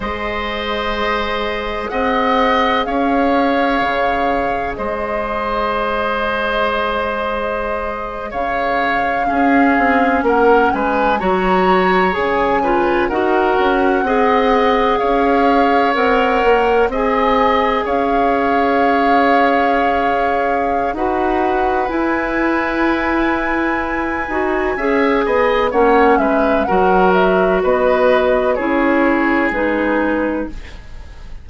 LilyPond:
<<
  \new Staff \with { instrumentName = "flute" } { \time 4/4 \tempo 4 = 63 dis''2 fis''4 f''4~ | f''4 dis''2.~ | dis''8. f''2 fis''8 gis''8 ais''16~ | ais''8. gis''4 fis''2 f''16~ |
f''8. fis''4 gis''4 f''4~ f''16~ | f''2 fis''4 gis''4~ | gis''2. fis''8 e''8 | fis''8 e''8 dis''4 cis''4 b'4 | }
  \new Staff \with { instrumentName = "oboe" } { \time 4/4 c''2 dis''4 cis''4~ | cis''4 c''2.~ | c''8. cis''4 gis'4 ais'8 b'8 cis''16~ | cis''4~ cis''16 b'8 ais'4 dis''4 cis''16~ |
cis''4.~ cis''16 dis''4 cis''4~ cis''16~ | cis''2 b'2~ | b'2 e''8 dis''8 cis''8 b'8 | ais'4 b'4 gis'2 | }
  \new Staff \with { instrumentName = "clarinet" } { \time 4/4 gis'1~ | gis'1~ | gis'4.~ gis'16 cis'2 fis'16~ | fis'8. gis'8 f'8 fis'4 gis'4~ gis'16~ |
gis'8. ais'4 gis'2~ gis'16~ | gis'2 fis'4 e'4~ | e'4. fis'8 gis'4 cis'4 | fis'2 e'4 dis'4 | }
  \new Staff \with { instrumentName = "bassoon" } { \time 4/4 gis2 c'4 cis'4 | cis4 gis2.~ | gis8. cis4 cis'8 c'8 ais8 gis8 fis16~ | fis8. cis4 dis'8 cis'8 c'4 cis'16~ |
cis'8. c'8 ais8 c'4 cis'4~ cis'16~ | cis'2 dis'4 e'4~ | e'4. dis'8 cis'8 b8 ais8 gis8 | fis4 b4 cis'4 gis4 | }
>>